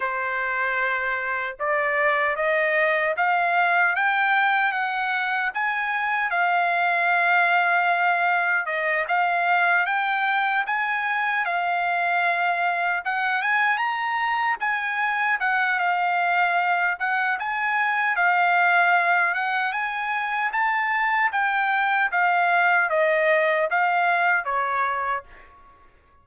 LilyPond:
\new Staff \with { instrumentName = "trumpet" } { \time 4/4 \tempo 4 = 76 c''2 d''4 dis''4 | f''4 g''4 fis''4 gis''4 | f''2. dis''8 f''8~ | f''8 g''4 gis''4 f''4.~ |
f''8 fis''8 gis''8 ais''4 gis''4 fis''8 | f''4. fis''8 gis''4 f''4~ | f''8 fis''8 gis''4 a''4 g''4 | f''4 dis''4 f''4 cis''4 | }